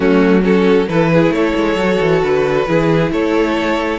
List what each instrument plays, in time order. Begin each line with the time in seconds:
0.00 cello F#3, viola A3, violin C#4 F#4
0.43 viola C#4, violin F#4 A4
0.88 cello E3, viola E4, violin A4 B4
1.13 violin G#4
1.29 cello A3, violin C#5
1.36 violin A4
1.56 cello G#3
1.75 cello F#3, viola F#4
2.01 cello E3
2.21 cello D3, violin B4
2.67 cello E3, viola E4, violin G#4
3.11 cello A3, violin A4 C#5